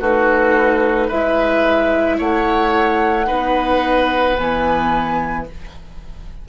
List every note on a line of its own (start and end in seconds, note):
0.00 1.09 A3
0.00 1.11 D#4
0.00 1.08 F#4
0.00 1.10 B4
1.08 2.19 G#3
1.08 3.26 E4
1.08 2.17 B4
1.08 2.19 E5
2.18 3.28 A3
2.18 3.27 C#5
2.18 4.37 F#5
3.26 4.38 B3
3.26 4.35 D#4
3.26 5.45 B4
4.37 5.49 E3
4.37 5.47 B3
4.37 5.46 G#5